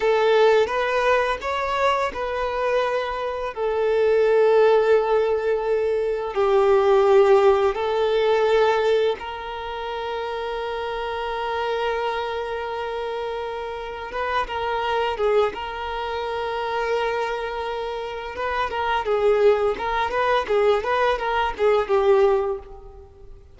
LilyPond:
\new Staff \with { instrumentName = "violin" } { \time 4/4 \tempo 4 = 85 a'4 b'4 cis''4 b'4~ | b'4 a'2.~ | a'4 g'2 a'4~ | a'4 ais'2.~ |
ais'1 | b'8 ais'4 gis'8 ais'2~ | ais'2 b'8 ais'8 gis'4 | ais'8 b'8 gis'8 b'8 ais'8 gis'8 g'4 | }